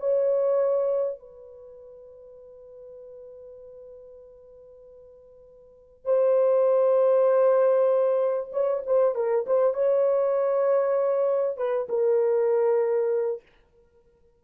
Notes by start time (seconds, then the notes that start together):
0.00 C#5
1.19 B4
6.05 C5
8.53 C#5
8.87 C5
9.15 A#4
9.47 C5
9.74 C#5
11.57 B4
11.90 A#4